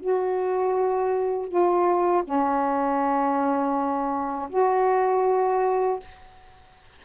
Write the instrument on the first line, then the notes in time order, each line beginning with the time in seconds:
saxophone
0.00 F#4
1.48 F4
2.24 C#4
4.50 F#4